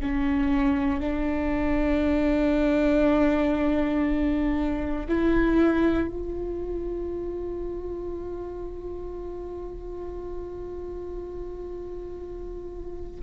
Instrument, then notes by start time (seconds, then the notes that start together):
viola
0.00 C#4
1.00 D4
5.08 E4
6.08 F4